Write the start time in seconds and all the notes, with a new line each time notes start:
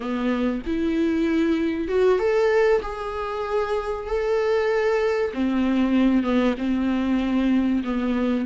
0.00 B3
0.66 E4
1.88 F#4
2.18 A4
2.82 G#4
4.06 A4
5.33 C4
6.23 B3
6.58 C4
7.84 B3